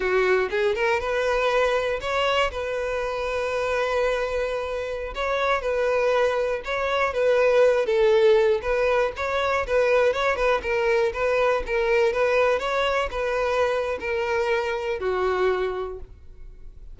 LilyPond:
\new Staff \with { instrumentName = "violin" } { \time 4/4 \tempo 4 = 120 fis'4 gis'8 ais'8 b'2 | cis''4 b'2.~ | b'2~ b'16 cis''4 b'8.~ | b'4~ b'16 cis''4 b'4. a'16~ |
a'4~ a'16 b'4 cis''4 b'8.~ | b'16 cis''8 b'8 ais'4 b'4 ais'8.~ | ais'16 b'4 cis''4 b'4.~ b'16 | ais'2 fis'2 | }